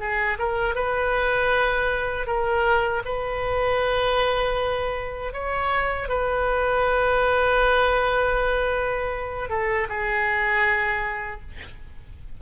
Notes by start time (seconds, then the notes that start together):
0.00 G#4
0.39 A#4
0.75 B4
2.27 A#4
3.05 B4
5.33 C#5
6.09 B4
9.50 A4
9.89 G#4